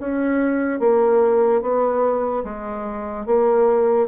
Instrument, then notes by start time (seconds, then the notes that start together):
bassoon
0.00 C#4
0.80 A#3
1.61 B3
2.44 G#3
3.26 A#3